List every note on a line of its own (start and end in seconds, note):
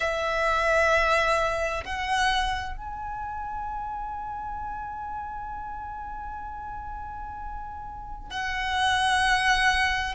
0.00 1.84 E5
1.84 2.77 F#5
2.77 8.30 G#5
8.30 10.14 F#5